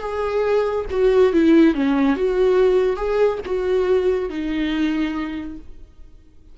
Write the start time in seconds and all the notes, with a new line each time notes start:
0.00 G#4
0.90 F#4
1.33 E4
1.74 C#4
2.16 F#4
2.96 G#4
3.46 F#4
4.30 D#4